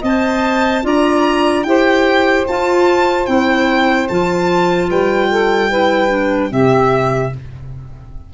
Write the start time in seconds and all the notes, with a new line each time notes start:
0.00 C4 C5 D#5 A5
0.83 D4 F4 D5 A#5
1.63 E4 G4 C5 G5
2.47 F4 A5
3.26 C4 E4 G5
4.08 F3 F4 A5
4.88 G3 B4 G5
5.30 A4
5.69 E4 B4
6.08 D4
6.49 C3 C4 G4 E5